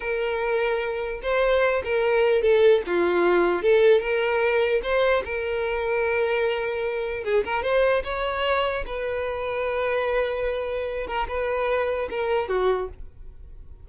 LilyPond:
\new Staff \with { instrumentName = "violin" } { \time 4/4 \tempo 4 = 149 ais'2. c''4~ | c''8 ais'4. a'4 f'4~ | f'4 a'4 ais'2 | c''4 ais'2.~ |
ais'2 gis'8 ais'8 c''4 | cis''2 b'2~ | b'2.~ b'8 ais'8 | b'2 ais'4 fis'4 | }